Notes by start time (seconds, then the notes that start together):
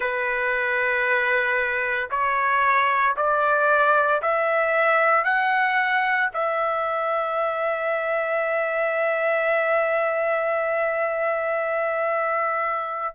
0.00 B4
2.10 C#5
3.16 D5
4.22 E5
5.24 F#5
6.33 E5